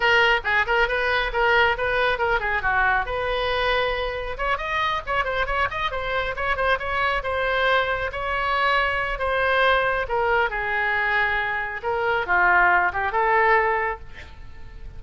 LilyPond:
\new Staff \with { instrumentName = "oboe" } { \time 4/4 \tempo 4 = 137 ais'4 gis'8 ais'8 b'4 ais'4 | b'4 ais'8 gis'8 fis'4 b'4~ | b'2 cis''8 dis''4 cis''8 | c''8 cis''8 dis''8 c''4 cis''8 c''8 cis''8~ |
cis''8 c''2 cis''4.~ | cis''4 c''2 ais'4 | gis'2. ais'4 | f'4. g'8 a'2 | }